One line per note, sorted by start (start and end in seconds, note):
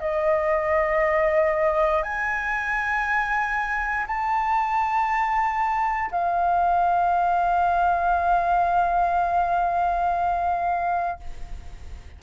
0.00 2.03 D#5
2.03 4.06 G#5
4.07 6.10 A5
6.11 11.20 F5